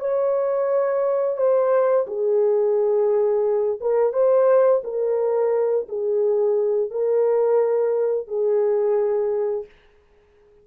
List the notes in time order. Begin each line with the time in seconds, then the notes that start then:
0.00 C#5
1.37 C5
2.07 G#4
3.81 A#4
4.13 C5
4.84 A#4
5.89 G#4
6.91 A#4
8.28 G#4